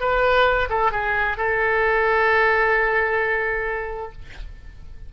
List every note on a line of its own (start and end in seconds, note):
0.00 0.69 B4
0.70 0.92 A4
0.92 1.37 G#4
1.37 4.12 A4